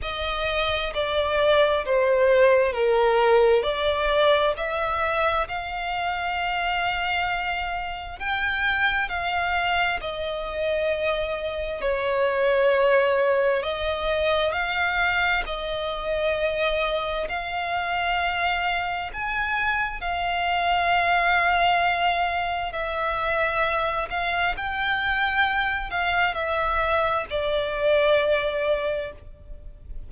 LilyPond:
\new Staff \with { instrumentName = "violin" } { \time 4/4 \tempo 4 = 66 dis''4 d''4 c''4 ais'4 | d''4 e''4 f''2~ | f''4 g''4 f''4 dis''4~ | dis''4 cis''2 dis''4 |
f''4 dis''2 f''4~ | f''4 gis''4 f''2~ | f''4 e''4. f''8 g''4~ | g''8 f''8 e''4 d''2 | }